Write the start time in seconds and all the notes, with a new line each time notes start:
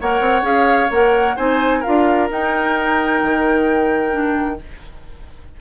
0.00 A#3 A#4 C#5 F#5
0.20 C4
0.42 C#4 G#4 F5
0.90 A#3 A#4 F#5
1.36 C4 D#4 C5 G#5
1.79 F4 A#4 F5
1.87 D4
2.29 D#4 G5
3.23 D#3
4.10 D4